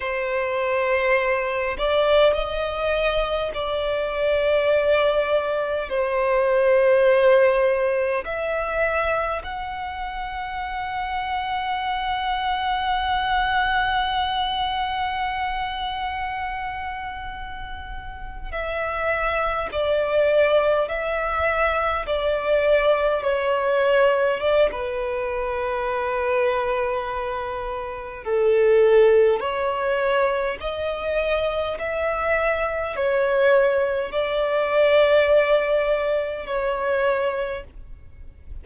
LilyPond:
\new Staff \with { instrumentName = "violin" } { \time 4/4 \tempo 4 = 51 c''4. d''8 dis''4 d''4~ | d''4 c''2 e''4 | fis''1~ | fis''2.~ fis''8. e''16~ |
e''8. d''4 e''4 d''4 cis''16~ | cis''8. d''16 b'2. | a'4 cis''4 dis''4 e''4 | cis''4 d''2 cis''4 | }